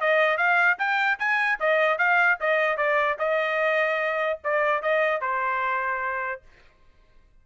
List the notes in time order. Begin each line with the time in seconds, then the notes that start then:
0.00 D#5
0.37 F5
0.78 G5
1.19 G#5
1.60 D#5
1.98 F5
2.40 D#5
2.77 D5
3.18 D#5
4.44 D5
4.82 D#5
5.21 C5